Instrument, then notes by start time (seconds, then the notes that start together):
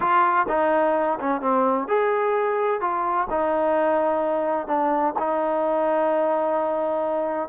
trombone
0.00 F4
0.48 D#4
1.19 C#4
1.41 C4
1.87 G#4
2.80 F4
3.29 D#4
4.67 D4
5.18 D#4